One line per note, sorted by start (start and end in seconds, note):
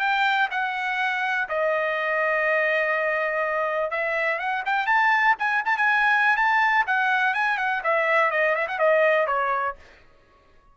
0.00 0.49 G5
0.51 1.49 F#5
1.49 3.91 D#5
3.91 4.39 E5
4.39 4.64 F#5
4.66 4.87 G5
4.87 5.35 A5
5.39 5.63 G#5
5.66 5.78 A5
5.78 6.37 G#5
6.37 6.86 A5
6.87 7.35 F#5
7.35 7.58 G#5
7.58 7.82 F#5
7.84 8.31 E5
8.31 8.56 D#5
8.56 8.68 E5
8.68 8.79 F#5
8.79 9.27 D#5
9.27 9.76 C#5